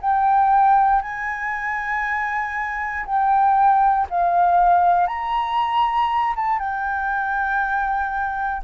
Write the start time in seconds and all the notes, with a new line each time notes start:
0.00 G5
1.02 G#5
3.06 G5
4.09 F5
5.07 A#5
6.36 A5
6.58 G5